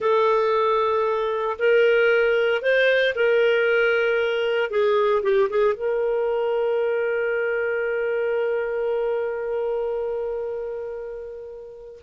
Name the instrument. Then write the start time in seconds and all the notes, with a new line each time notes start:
clarinet
0.00 A4
1.58 A#4
2.62 C5
3.15 A#4
4.70 G#4
5.22 G4
5.49 G#4
5.74 A#4